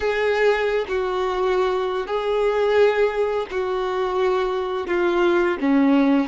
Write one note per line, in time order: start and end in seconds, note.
0.00 0.85 G#4
0.88 2.06 F#4
2.06 3.46 G#4
3.51 4.87 F#4
4.87 5.57 F4
5.60 6.27 C#4